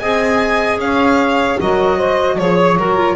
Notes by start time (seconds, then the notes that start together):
0.00 C4 G#4 D#5 G#5
0.79 C#4 C#5 F5
1.59 F#3 F#4 A#4 D#5
1.97 C5
2.39 F3 G#4 C#5
2.78 F#3 F#4 A#4
2.97 F4